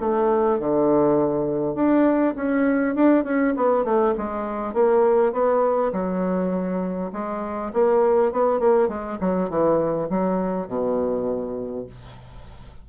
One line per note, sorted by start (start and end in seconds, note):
0.00 0.59 A3
0.59 1.75 D3
1.75 2.34 D4
2.36 2.95 C#4
2.95 3.24 D4
3.24 3.54 C#4
3.56 3.84 B3
3.84 4.14 A3
4.17 4.74 G#3
4.74 5.32 A#3
5.32 5.92 B3
5.92 7.11 F#3
7.12 7.72 G#3
7.73 8.32 A#3
8.32 8.59 B3
8.59 8.88 A#3
8.88 9.18 G#3
9.20 9.49 F#3
9.49 10.09 E3
10.10 10.67 F#3
10.67 11.86 B2